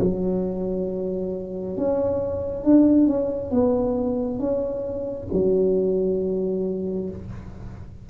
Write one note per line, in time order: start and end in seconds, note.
0.00 1.76 F#3
1.76 2.64 C#4
2.64 3.07 D4
3.07 3.51 C#4
3.51 4.39 B3
4.39 5.27 C#4
5.33 7.09 F#3